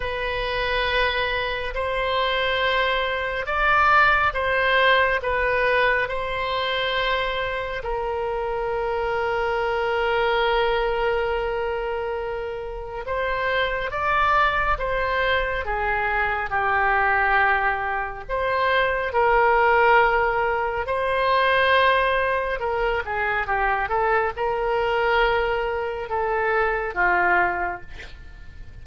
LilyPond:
\new Staff \with { instrumentName = "oboe" } { \time 4/4 \tempo 4 = 69 b'2 c''2 | d''4 c''4 b'4 c''4~ | c''4 ais'2.~ | ais'2. c''4 |
d''4 c''4 gis'4 g'4~ | g'4 c''4 ais'2 | c''2 ais'8 gis'8 g'8 a'8 | ais'2 a'4 f'4 | }